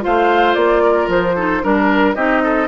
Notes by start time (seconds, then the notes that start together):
0.00 F4 C5 F5
0.06 A3
0.54 A#3 D5
0.83 A#4
1.08 F3 C5
1.35 D#4 A4
1.62 G3 D4 A#4
2.15 C4 D#4 G4 D#5
2.43 A4